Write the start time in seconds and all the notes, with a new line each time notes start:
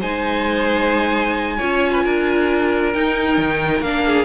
0.00 G#3 D#4 C5 G#5
1.57 C#4 F4 C#5
1.92 B4
2.04 D4 A#4
2.93 D#4 G5
3.38 D#3
3.81 A#3 D4 F5
4.06 G#4